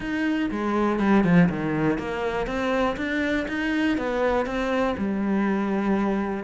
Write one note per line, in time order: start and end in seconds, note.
0.00 0.50 D#4
0.50 0.99 G#3
0.99 1.24 G3
1.24 1.48 F3
1.49 1.98 D#3
1.98 2.47 A#3
2.47 2.96 C4
2.96 3.46 D4
3.48 3.97 D#4
3.97 4.46 B3
4.46 4.95 C4
4.97 6.44 G3